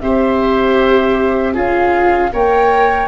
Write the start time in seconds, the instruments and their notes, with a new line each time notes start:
0.00 tuba C4, viola G4, oboe C5, flute E5
1.54 tuba C#4, viola F4, oboe G#4, flute F5
2.33 tuba A#3, viola A#4, oboe C#5, flute G5